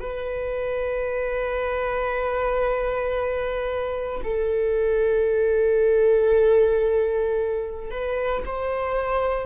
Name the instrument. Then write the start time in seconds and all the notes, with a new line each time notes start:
viola
0.00 B4
4.23 A4
7.91 B4
8.45 C5